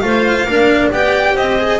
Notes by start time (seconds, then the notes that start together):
0.00 A3 F4 C5 F5
0.44 A#3 D4 A#4
0.90 B3 G4 D5 G5
1.34 C4 C5 D#5
1.59 G#4